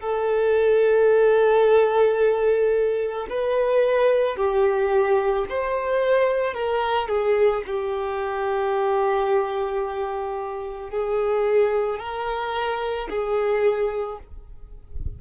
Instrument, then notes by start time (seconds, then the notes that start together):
violin
0.00 A4
3.30 B4
4.36 G4
5.49 C5
6.54 A#4
7.08 G#4
7.66 G4
10.90 G#4
11.99 A#4
13.10 G#4